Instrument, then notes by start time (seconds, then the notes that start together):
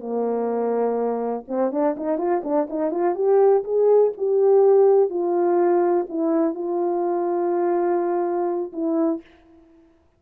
horn
0.00 A#3
1.48 C4
1.72 D4
1.97 D#4
2.18 F4
2.44 D4
2.70 D#4
2.91 F4
3.15 G4
3.64 G#4
4.18 G4
5.10 F4
6.09 E4
6.55 F4
8.73 E4